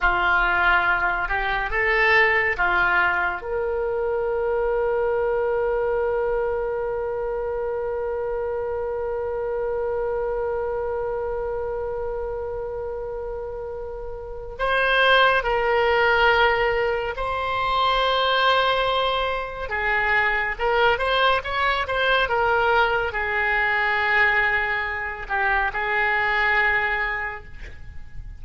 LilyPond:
\new Staff \with { instrumentName = "oboe" } { \time 4/4 \tempo 4 = 70 f'4. g'8 a'4 f'4 | ais'1~ | ais'1~ | ais'1~ |
ais'4 c''4 ais'2 | c''2. gis'4 | ais'8 c''8 cis''8 c''8 ais'4 gis'4~ | gis'4. g'8 gis'2 | }